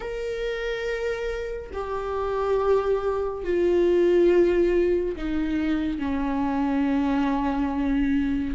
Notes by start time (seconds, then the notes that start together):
0.00 A#4
1.73 G4
3.44 F4
5.15 D#4
5.98 C#4